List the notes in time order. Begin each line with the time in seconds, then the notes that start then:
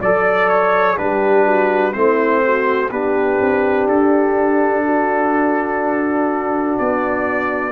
0.00 F#3 A4 D5
0.49 C#5
0.97 G3 D4 G4 B4
1.46 F#4
1.92 A3 C4 E4 C5
2.44 F#4
2.90 B3 D4 G4 B4
3.41 C4
3.86 D4 A4
4.84 F#4
6.78 B3 D5